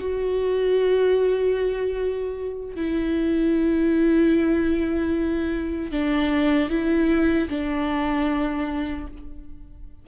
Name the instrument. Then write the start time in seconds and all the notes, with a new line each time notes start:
viola
0.00 F#4
2.77 E4
5.92 D4
6.70 E4
7.50 D4